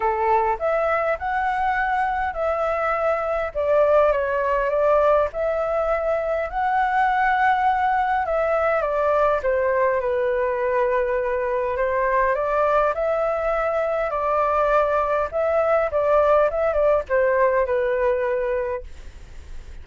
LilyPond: \new Staff \with { instrumentName = "flute" } { \time 4/4 \tempo 4 = 102 a'4 e''4 fis''2 | e''2 d''4 cis''4 | d''4 e''2 fis''4~ | fis''2 e''4 d''4 |
c''4 b'2. | c''4 d''4 e''2 | d''2 e''4 d''4 | e''8 d''8 c''4 b'2 | }